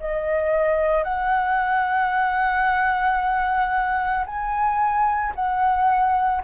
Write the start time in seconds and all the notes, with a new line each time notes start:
0.00 D#5
1.04 F#5
4.26 G#5
5.35 F#5